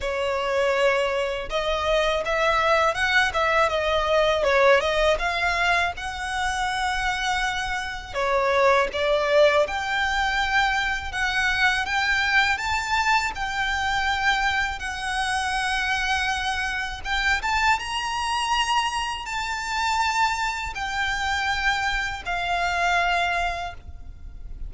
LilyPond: \new Staff \with { instrumentName = "violin" } { \time 4/4 \tempo 4 = 81 cis''2 dis''4 e''4 | fis''8 e''8 dis''4 cis''8 dis''8 f''4 | fis''2. cis''4 | d''4 g''2 fis''4 |
g''4 a''4 g''2 | fis''2. g''8 a''8 | ais''2 a''2 | g''2 f''2 | }